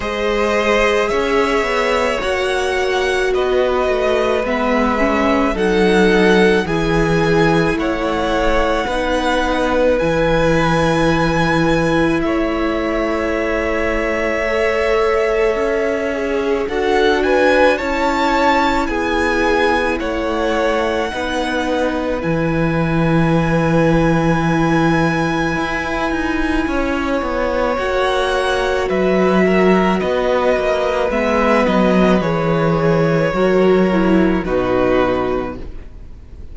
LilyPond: <<
  \new Staff \with { instrumentName = "violin" } { \time 4/4 \tempo 4 = 54 dis''4 e''4 fis''4 dis''4 | e''4 fis''4 gis''4 fis''4~ | fis''4 gis''2 e''4~ | e''2. fis''8 gis''8 |
a''4 gis''4 fis''2 | gis''1~ | gis''4 fis''4 e''4 dis''4 | e''8 dis''8 cis''2 b'4 | }
  \new Staff \with { instrumentName = "violin" } { \time 4/4 c''4 cis''2 b'4~ | b'4 a'4 gis'4 cis''4 | b'2. cis''4~ | cis''2. a'8 b'8 |
cis''4 gis'4 cis''4 b'4~ | b'1 | cis''2 b'8 ais'8 b'4~ | b'2 ais'4 fis'4 | }
  \new Staff \with { instrumentName = "viola" } { \time 4/4 gis'2 fis'2 | b8 cis'8 dis'4 e'2 | dis'4 e'2.~ | e'4 a'4. gis'8 fis'4 |
e'2. dis'4 | e'1~ | e'4 fis'2. | b4 gis'4 fis'8 e'8 dis'4 | }
  \new Staff \with { instrumentName = "cello" } { \time 4/4 gis4 cis'8 b8 ais4 b8 a8 | gis4 fis4 e4 a4 | b4 e2 a4~ | a2 cis'4 d'4 |
cis'4 b4 a4 b4 | e2. e'8 dis'8 | cis'8 b8 ais4 fis4 b8 ais8 | gis8 fis8 e4 fis4 b,4 | }
>>